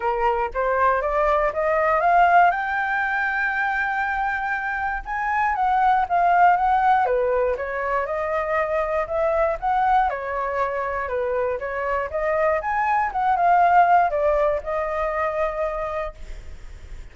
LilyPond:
\new Staff \with { instrumentName = "flute" } { \time 4/4 \tempo 4 = 119 ais'4 c''4 d''4 dis''4 | f''4 g''2.~ | g''2 gis''4 fis''4 | f''4 fis''4 b'4 cis''4 |
dis''2 e''4 fis''4 | cis''2 b'4 cis''4 | dis''4 gis''4 fis''8 f''4. | d''4 dis''2. | }